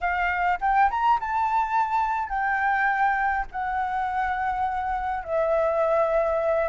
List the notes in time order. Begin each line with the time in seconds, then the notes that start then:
0.00 F5
0.60 G5
0.90 A#5
1.19 A5
2.29 G5
3.51 F#5
5.24 E5